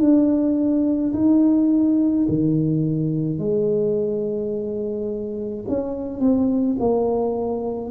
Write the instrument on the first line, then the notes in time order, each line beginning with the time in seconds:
tuba
0.00 D4
1.14 D#4
2.29 D#3
3.39 G#3
5.69 C#4
6.20 C4
6.80 A#3